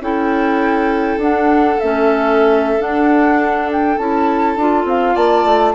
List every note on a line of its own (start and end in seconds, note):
0.00 1.17 C#4
0.00 1.19 E4
0.00 5.14 A4
0.00 1.20 G5
1.17 1.76 D4
1.17 1.79 D4
1.17 1.79 F#5
1.80 2.79 A3
1.80 2.79 C#4
1.80 2.81 E5
2.79 3.97 D4
2.79 3.69 F#5
3.72 3.98 G5
3.98 4.56 C#4
3.98 4.57 E4
3.98 4.86 A5
4.56 4.84 D4
4.56 5.74 F4
4.84 5.14 C4
4.84 5.15 F5
5.14 5.44 A#3
5.14 5.73 D5
5.14 5.74 A5
5.44 5.74 A3